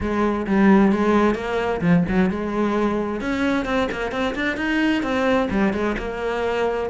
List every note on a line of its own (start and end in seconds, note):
0.00 0.46 G#3
0.46 0.92 G3
0.92 1.34 G#3
1.34 1.80 A#3
1.81 2.04 F3
2.08 2.30 F#3
2.30 3.21 G#3
3.21 3.65 C#4
3.65 3.88 C4
3.91 4.11 A#3
4.11 4.34 C4
4.35 4.57 D4
4.57 5.02 D#4
5.02 5.48 C4
5.50 5.73 G3
5.73 5.96 G#3
5.98 6.89 A#3